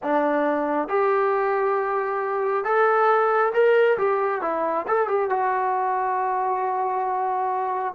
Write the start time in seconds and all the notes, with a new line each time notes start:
0.02 D4
0.88 G4
2.64 A4
3.53 A#4
3.97 G4
4.41 E4
4.87 A4
5.07 G4
5.29 F#4